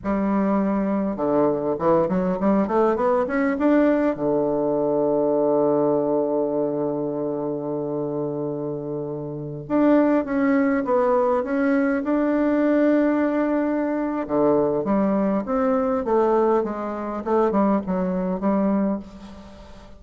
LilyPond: \new Staff \with { instrumentName = "bassoon" } { \time 4/4 \tempo 4 = 101 g2 d4 e8 fis8 | g8 a8 b8 cis'8 d'4 d4~ | d1~ | d1~ |
d16 d'4 cis'4 b4 cis'8.~ | cis'16 d'2.~ d'8. | d4 g4 c'4 a4 | gis4 a8 g8 fis4 g4 | }